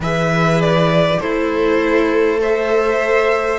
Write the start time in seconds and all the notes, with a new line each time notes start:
0.00 E3 G#4 B4 E5
0.61 D5
1.19 A3 E4 A4 C5
2.40 C5 E5